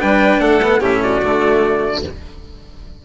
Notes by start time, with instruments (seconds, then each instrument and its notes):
0.00 bassoon G3, cello D4, violin B4, trumpet G5
0.39 bassoon A3, violin A4, trumpet F#5
0.63 cello B3
0.80 bassoon A2, cello C#4, violin G4, trumpet E5
1.03 violin F#4, trumpet D5
1.23 bassoon D3, cello A3